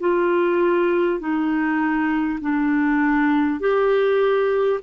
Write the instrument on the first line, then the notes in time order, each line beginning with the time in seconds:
clarinet
0.00 F4
1.19 D#4
2.40 D4
3.60 G4